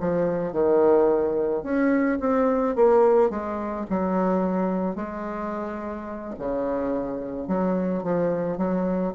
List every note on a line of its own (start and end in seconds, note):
0.00 0.53 F3
0.53 1.64 D#3
1.64 2.19 C#4
2.20 2.76 C4
2.76 3.30 A#3
3.30 3.86 G#3
3.90 4.96 F#3
4.96 6.35 G#3
6.39 7.48 C#3
7.48 8.03 F#3
8.03 8.58 F3
8.58 9.13 F#3